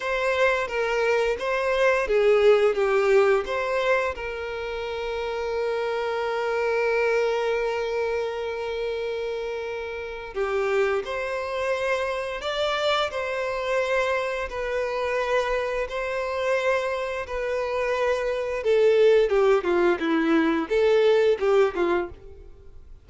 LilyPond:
\new Staff \with { instrumentName = "violin" } { \time 4/4 \tempo 4 = 87 c''4 ais'4 c''4 gis'4 | g'4 c''4 ais'2~ | ais'1~ | ais'2. g'4 |
c''2 d''4 c''4~ | c''4 b'2 c''4~ | c''4 b'2 a'4 | g'8 f'8 e'4 a'4 g'8 f'8 | }